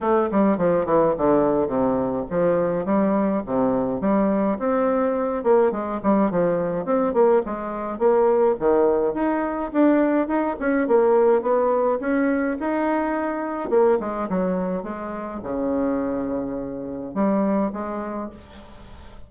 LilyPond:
\new Staff \with { instrumentName = "bassoon" } { \time 4/4 \tempo 4 = 105 a8 g8 f8 e8 d4 c4 | f4 g4 c4 g4 | c'4. ais8 gis8 g8 f4 | c'8 ais8 gis4 ais4 dis4 |
dis'4 d'4 dis'8 cis'8 ais4 | b4 cis'4 dis'2 | ais8 gis8 fis4 gis4 cis4~ | cis2 g4 gis4 | }